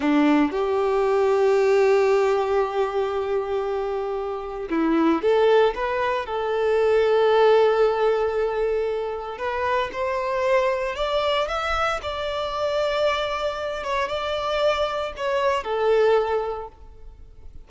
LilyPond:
\new Staff \with { instrumentName = "violin" } { \time 4/4 \tempo 4 = 115 d'4 g'2.~ | g'1~ | g'4 e'4 a'4 b'4 | a'1~ |
a'2 b'4 c''4~ | c''4 d''4 e''4 d''4~ | d''2~ d''8 cis''8 d''4~ | d''4 cis''4 a'2 | }